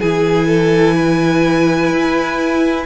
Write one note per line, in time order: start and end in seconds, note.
0.00 1.91 E3
0.00 2.86 E4
0.00 0.47 G#4
0.00 2.86 G#5
0.47 0.95 A4
0.96 2.86 B4
1.91 2.86 E4